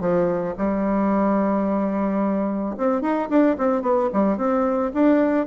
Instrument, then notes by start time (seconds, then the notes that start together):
bassoon
0.00 F3
0.58 G3
2.77 C4
3.01 D#4
3.29 D4
3.58 C4
3.82 B3
4.13 G3
4.37 C4
4.94 D4